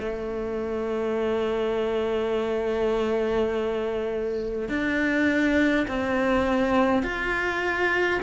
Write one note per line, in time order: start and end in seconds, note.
0.00 4.69 A3
4.69 5.87 D4
5.88 7.03 C4
7.03 8.20 F4